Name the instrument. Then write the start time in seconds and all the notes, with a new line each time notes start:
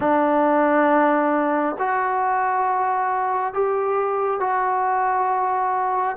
trombone
0.00 D4
1.78 F#4
3.53 G4
4.40 F#4